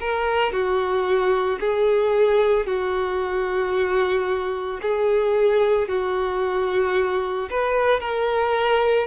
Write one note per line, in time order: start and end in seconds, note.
0.00 0.52 A#4
0.52 1.59 F#4
1.60 2.66 G#4
2.66 4.80 F#4
4.82 5.88 G#4
5.88 7.49 F#4
7.50 8.00 B4
8.00 9.07 A#4